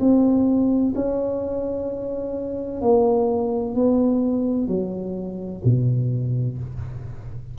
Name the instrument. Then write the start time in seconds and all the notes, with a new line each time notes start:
tuba
0.00 C4
0.95 C#4
2.81 A#3
3.75 B3
4.68 F#3
5.65 B2